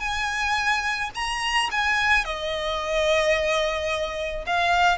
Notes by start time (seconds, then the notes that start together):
0.00 G#5
1.15 A#5
1.71 G#5
2.25 D#5
4.47 F5